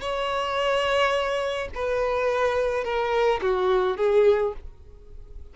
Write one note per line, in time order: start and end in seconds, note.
0.00 1.68 C#5
1.74 2.84 B4
2.84 3.40 A#4
3.41 3.97 F#4
3.97 4.53 G#4